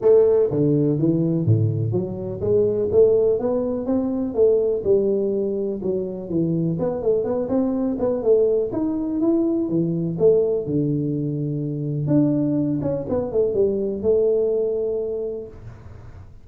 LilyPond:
\new Staff \with { instrumentName = "tuba" } { \time 4/4 \tempo 4 = 124 a4 d4 e4 a,4 | fis4 gis4 a4 b4 | c'4 a4 g2 | fis4 e4 b8 a8 b8 c'8~ |
c'8 b8 a4 dis'4 e'4 | e4 a4 d2~ | d4 d'4. cis'8 b8 a8 | g4 a2. | }